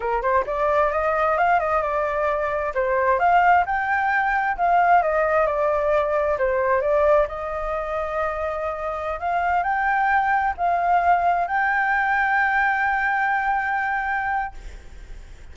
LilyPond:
\new Staff \with { instrumentName = "flute" } { \time 4/4 \tempo 4 = 132 ais'8 c''8 d''4 dis''4 f''8 dis''8 | d''2 c''4 f''4 | g''2 f''4 dis''4 | d''2 c''4 d''4 |
dis''1~ | dis''16 f''4 g''2 f''8.~ | f''4~ f''16 g''2~ g''8.~ | g''1 | }